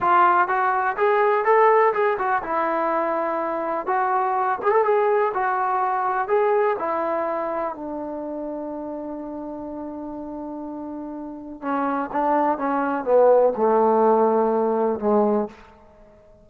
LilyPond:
\new Staff \with { instrumentName = "trombone" } { \time 4/4 \tempo 4 = 124 f'4 fis'4 gis'4 a'4 | gis'8 fis'8 e'2. | fis'4. gis'16 a'16 gis'4 fis'4~ | fis'4 gis'4 e'2 |
d'1~ | d'1 | cis'4 d'4 cis'4 b4 | a2. gis4 | }